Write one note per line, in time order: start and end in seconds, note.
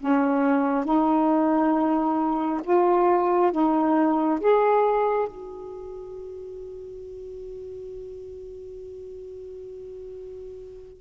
0.00 0.84 C#4
0.84 2.61 D#4
2.64 3.51 F4
3.51 4.40 D#4
4.40 5.28 G#4
5.28 11.01 F#4